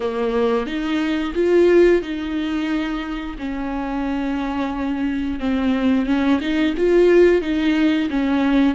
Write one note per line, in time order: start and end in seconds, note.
0.00 0.66 A#3
0.66 1.33 D#4
1.34 2.02 F4
2.02 3.36 D#4
3.38 5.39 C#4
5.39 6.06 C4
6.06 6.40 C#4
6.40 6.74 D#4
6.77 7.41 F4
7.41 8.08 D#4
8.09 8.74 C#4